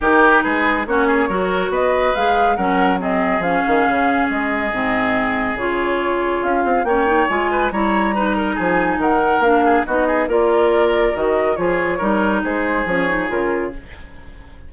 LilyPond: <<
  \new Staff \with { instrumentName = "flute" } { \time 4/4 \tempo 4 = 140 ais'4 b'4 cis''2 | dis''4 f''4 fis''4 dis''4 | f''2 dis''2~ | dis''4 cis''2 f''4 |
g''4 gis''4 ais''2 | gis''4 fis''4 f''4 dis''4 | d''2 dis''4 cis''4~ | cis''4 c''4 cis''4 ais'4 | }
  \new Staff \with { instrumentName = "oboe" } { \time 4/4 g'4 gis'4 fis'8 gis'8 ais'4 | b'2 ais'4 gis'4~ | gis'1~ | gis'1 |
cis''4. b'8 cis''4 b'8 ais'8 | gis'4 ais'4. gis'8 fis'8 gis'8 | ais'2. gis'4 | ais'4 gis'2. | }
  \new Staff \with { instrumentName = "clarinet" } { \time 4/4 dis'2 cis'4 fis'4~ | fis'4 gis'4 cis'4 c'4 | cis'2. c'4~ | c'4 f'2. |
cis'8 dis'8 f'4 e'4 dis'4~ | dis'2 d'4 dis'4 | f'2 fis'4 f'4 | dis'2 cis'8 dis'8 f'4 | }
  \new Staff \with { instrumentName = "bassoon" } { \time 4/4 dis4 gis4 ais4 fis4 | b4 gis4 fis2 | f8 dis8 cis4 gis4 gis,4~ | gis,4 cis2 cis'8 c'8 |
ais4 gis4 g2 | f4 dis4 ais4 b4 | ais2 dis4 f4 | g4 gis4 f4 cis4 | }
>>